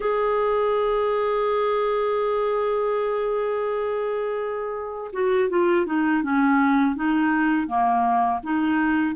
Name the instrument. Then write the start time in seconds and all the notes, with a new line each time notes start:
clarinet
0.00 G#4
5.13 F#4
5.49 F4
5.86 D#4
6.23 C#4
6.95 D#4
7.67 A#3
8.43 D#4